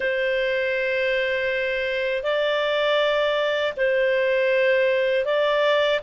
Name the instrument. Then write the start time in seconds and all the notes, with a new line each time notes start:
clarinet
0.00 C5
2.23 D5
3.76 C5
5.25 D5